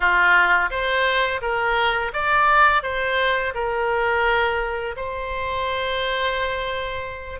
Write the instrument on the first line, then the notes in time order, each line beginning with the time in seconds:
oboe
0.00 F4
0.70 C5
1.41 A#4
2.13 D5
2.82 C5
3.54 A#4
4.96 C5